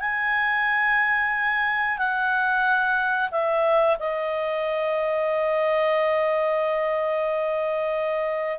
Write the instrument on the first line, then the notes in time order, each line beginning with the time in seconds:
clarinet
0.00 G#5
1.98 F#5
3.31 E5
3.99 D#5